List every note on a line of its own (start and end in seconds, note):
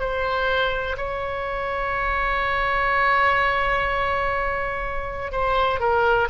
0.00 0.97 C5
0.98 5.32 C#5
5.32 5.80 C5
5.80 6.29 A#4